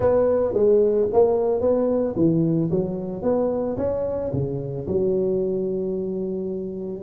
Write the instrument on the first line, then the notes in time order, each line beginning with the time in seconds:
tuba
0.00 B3
0.53 G#3
1.12 A#3
1.60 B3
2.15 E3
2.70 F#3
3.22 B3
3.77 C#4
4.32 C#3
4.87 F#3